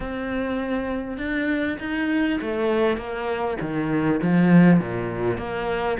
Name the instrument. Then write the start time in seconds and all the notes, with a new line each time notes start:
cello
0.00 C4
1.17 D4
1.79 D#4
2.41 A3
2.97 A#3
3.61 D#3
4.22 F3
4.79 A#2
5.37 A#3